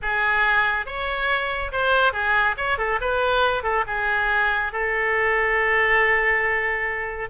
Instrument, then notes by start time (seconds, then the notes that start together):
oboe
0.02 G#4
0.86 C#5
1.71 C5
2.12 G#4
2.57 C#5
2.78 A4
3.00 B4
3.63 A4
3.86 G#4
4.72 A4